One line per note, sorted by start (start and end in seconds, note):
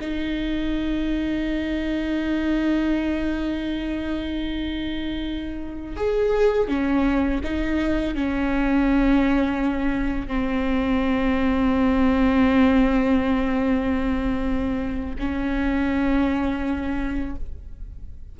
0.00 5.96 D#4
5.96 6.68 G#4
6.68 7.40 C#4
7.43 8.14 D#4
8.14 10.27 C#4
10.27 15.15 C4
15.18 17.35 C#4